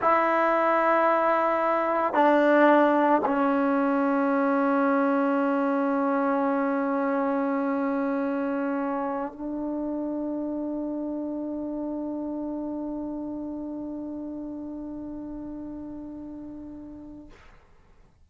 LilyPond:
\new Staff \with { instrumentName = "trombone" } { \time 4/4 \tempo 4 = 111 e'1 | d'2 cis'2~ | cis'1~ | cis'1~ |
cis'4~ cis'16 d'2~ d'8.~ | d'1~ | d'1~ | d'1 | }